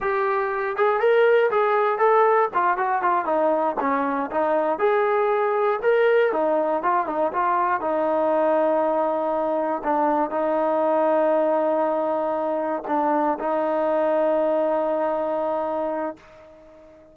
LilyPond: \new Staff \with { instrumentName = "trombone" } { \time 4/4 \tempo 4 = 119 g'4. gis'8 ais'4 gis'4 | a'4 f'8 fis'8 f'8 dis'4 cis'8~ | cis'8 dis'4 gis'2 ais'8~ | ais'8 dis'4 f'8 dis'8 f'4 dis'8~ |
dis'2.~ dis'8 d'8~ | d'8 dis'2.~ dis'8~ | dis'4. d'4 dis'4.~ | dis'1 | }